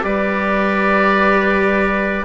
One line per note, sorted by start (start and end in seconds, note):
0.00 2.25 G3
0.00 2.22 G4
0.00 2.25 B4
0.00 2.25 D5